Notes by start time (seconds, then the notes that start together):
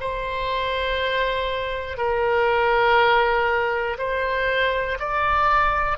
0.00 C5
1.97 A#4
3.98 C5
4.99 D5